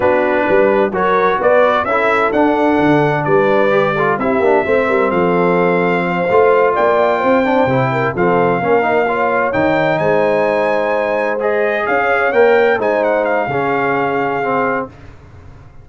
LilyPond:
<<
  \new Staff \with { instrumentName = "trumpet" } { \time 4/4 \tempo 4 = 129 b'2 cis''4 d''4 | e''4 fis''2 d''4~ | d''4 e''2 f''4~ | f''2~ f''8 g''4.~ |
g''4. f''2~ f''8~ | f''8 g''4 gis''2~ gis''8~ | gis''8 dis''4 f''4 g''4 gis''8 | fis''8 f''2.~ f''8 | }
  \new Staff \with { instrumentName = "horn" } { \time 4/4 fis'4 b'4 ais'4 b'4 | a'2. b'4~ | b'8 a'8 g'4 c''8 ais'8 a'4~ | a'4 c''4. d''4 c''8~ |
c''4 ais'8 a'4 ais'4 cis''8~ | cis''4. c''2~ c''8~ | c''4. cis''2 c''8~ | c''4 gis'2. | }
  \new Staff \with { instrumentName = "trombone" } { \time 4/4 d'2 fis'2 | e'4 d'2. | g'8 f'8 e'8 d'8 c'2~ | c'4. f'2~ f'8 |
d'8 e'4 c'4 cis'8 dis'8 f'8~ | f'8 dis'2.~ dis'8~ | dis'8 gis'2 ais'4 dis'8~ | dis'4 cis'2 c'4 | }
  \new Staff \with { instrumentName = "tuba" } { \time 4/4 b4 g4 fis4 b4 | cis'4 d'4 d4 g4~ | g4 c'8 ais8 a8 g8 f4~ | f4. a4 ais4 c'8~ |
c'8 c4 f4 ais4.~ | ais8 dis4 gis2~ gis8~ | gis4. cis'4 ais4 gis8~ | gis4 cis2. | }
>>